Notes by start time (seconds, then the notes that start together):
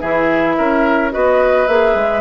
0.00 E3 E4 G#4 E5
0.58 C#4 A#4
1.11 B3 F#4 B4 D#5
1.67 A#3 G#4 E5
1.95 G#3